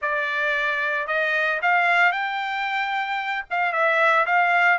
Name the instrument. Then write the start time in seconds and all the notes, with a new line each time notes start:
trumpet
0.01 D5
1.07 D#5
1.62 F5
2.12 G5
3.50 F5
3.72 E5
4.26 F5